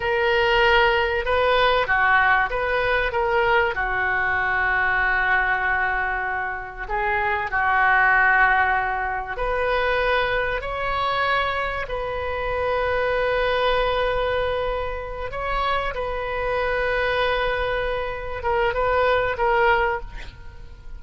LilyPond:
\new Staff \with { instrumentName = "oboe" } { \time 4/4 \tempo 4 = 96 ais'2 b'4 fis'4 | b'4 ais'4 fis'2~ | fis'2. gis'4 | fis'2. b'4~ |
b'4 cis''2 b'4~ | b'1~ | b'8 cis''4 b'2~ b'8~ | b'4. ais'8 b'4 ais'4 | }